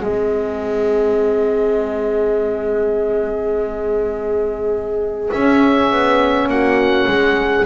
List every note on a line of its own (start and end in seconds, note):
0.00 5.30 G#3
0.00 5.29 C4
0.00 6.50 G#4
0.00 5.31 D#5
5.31 7.65 C#4
5.31 5.91 C#4
5.31 6.49 E5
5.91 6.47 B3
6.47 7.06 A#3
6.47 7.09 F#4
6.47 7.65 F#5
7.07 7.65 G#3
7.07 7.65 G#4